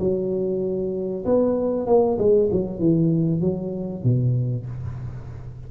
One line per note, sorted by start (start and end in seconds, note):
0.00 1.25 F#3
1.26 1.87 B3
1.87 2.18 A#3
2.19 2.50 G#3
2.52 2.80 F#3
2.80 3.41 E3
3.41 4.04 F#3
4.04 4.66 B2